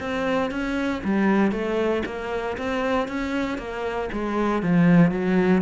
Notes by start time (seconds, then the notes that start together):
0.00 C4
0.51 C#4
1.04 G3
1.52 A3
2.06 A#3
2.58 C4
3.08 C#4
3.58 A#3
4.12 G#3
4.62 F3
5.11 F#3